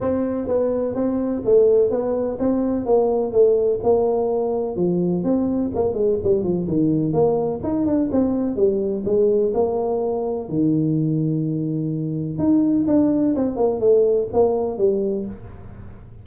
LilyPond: \new Staff \with { instrumentName = "tuba" } { \time 4/4 \tempo 4 = 126 c'4 b4 c'4 a4 | b4 c'4 ais4 a4 | ais2 f4 c'4 | ais8 gis8 g8 f8 dis4 ais4 |
dis'8 d'8 c'4 g4 gis4 | ais2 dis2~ | dis2 dis'4 d'4 | c'8 ais8 a4 ais4 g4 | }